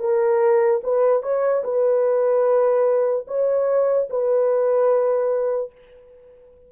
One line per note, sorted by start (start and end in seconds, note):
0.00 0.81 A#4
0.84 1.23 B4
1.23 1.63 C#5
1.64 3.26 B4
3.28 4.09 C#5
4.10 5.72 B4